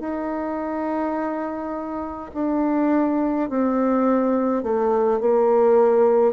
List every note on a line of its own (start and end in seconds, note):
0.00 2.31 D#4
2.34 3.49 D4
3.49 4.63 C4
4.63 5.21 A3
5.21 6.33 A#3